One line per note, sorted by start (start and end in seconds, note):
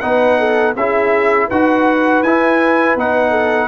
0.00 0.75 B3
0.00 0.75 D#4
0.00 0.39 B4
0.00 0.73 F#5
0.39 0.75 A4
0.75 1.49 C#4
0.75 1.51 E4
0.75 1.48 G#4
0.75 1.49 E5
1.48 2.22 D#4
1.48 2.24 F#4
1.48 3.30 B4
1.48 2.23 F#5
2.22 2.95 E4
2.22 2.98 E4
2.22 2.96 G#5
2.95 3.68 B3
2.95 3.68 D#4
2.95 3.68 F#5
3.30 3.67 A4